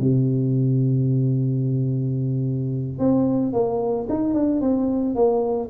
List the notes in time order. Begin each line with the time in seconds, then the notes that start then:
0.00 C3
2.99 C4
3.54 A#3
4.10 D#4
4.34 D4
4.61 C4
5.16 A#3